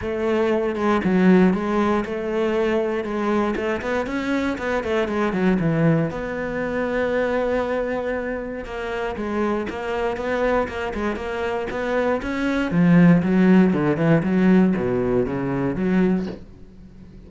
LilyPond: \new Staff \with { instrumentName = "cello" } { \time 4/4 \tempo 4 = 118 a4. gis8 fis4 gis4 | a2 gis4 a8 b8 | cis'4 b8 a8 gis8 fis8 e4 | b1~ |
b4 ais4 gis4 ais4 | b4 ais8 gis8 ais4 b4 | cis'4 f4 fis4 d8 e8 | fis4 b,4 cis4 fis4 | }